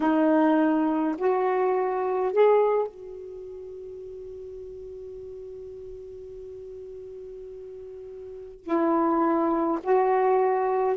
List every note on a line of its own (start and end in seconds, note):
0.00 1.15 D#4
1.18 2.33 F#4
2.33 2.87 G#4
2.87 8.63 F#4
8.63 9.78 E4
9.83 10.96 F#4